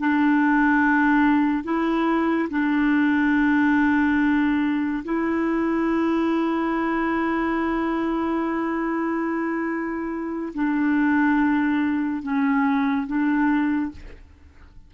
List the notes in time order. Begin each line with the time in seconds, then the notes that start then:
0.00 D4
1.64 E4
2.50 D4
5.05 E4
10.54 D4
12.23 C#4
13.08 D4